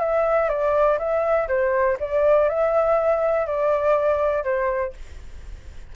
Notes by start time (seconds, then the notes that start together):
0.00 E5
0.49 D5
0.98 E5
1.48 C5
1.99 D5
2.49 E5
3.46 D5
4.44 C5